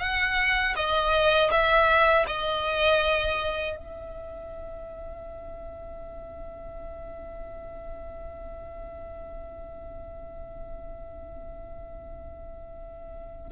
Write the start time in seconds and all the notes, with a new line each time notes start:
0.00 F#5
0.76 D#5
1.51 E5
2.27 D#5
3.77 E5